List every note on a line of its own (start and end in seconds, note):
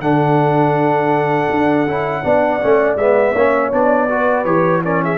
0.00 1.48 D3
0.00 1.87 D4
0.00 2.24 A4
0.00 2.97 F#5
1.50 1.87 D4
1.87 2.24 C#4
1.87 2.23 E4
2.23 2.62 B3
2.23 2.60 D4
2.23 3.33 D5
2.61 2.96 A3
2.61 2.98 C#4
2.96 3.33 G#3
2.96 3.36 B3
2.96 3.72 E5
3.33 3.71 A#3
3.33 3.72 C#4
3.33 4.07 C#5
3.72 4.45 B3
3.72 4.09 D4
3.72 4.45 D5
4.09 4.46 F#4
4.09 4.84 B4
4.45 5.18 E3
4.45 4.83 G4
4.45 4.82 C#5
4.83 5.18 C#4
4.83 5.03 A#4
4.83 5.03 D5
5.03 5.18 G#4
5.03 5.18 E5